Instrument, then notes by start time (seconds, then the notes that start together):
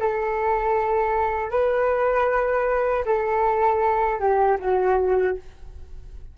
flute
0.00 A4
1.51 B4
3.06 A4
4.20 G4
4.60 F#4